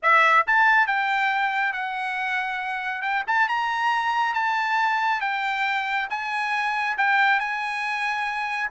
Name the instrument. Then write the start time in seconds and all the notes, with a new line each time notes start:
trumpet
0.02 E5
0.46 A5
0.87 G5
1.73 F#5
3.02 G5
3.27 A5
3.48 A#5
4.34 A5
5.21 G5
6.09 G#5
6.97 G5
7.39 G#5